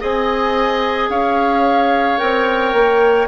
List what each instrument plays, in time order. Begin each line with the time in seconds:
0.00 bassoon C4, clarinet G#4, oboe D#5, flute G#5
1.09 bassoon C#4, oboe C#5, flute F5
2.18 bassoon C4, clarinet A#4, flute G5
2.73 bassoon A#3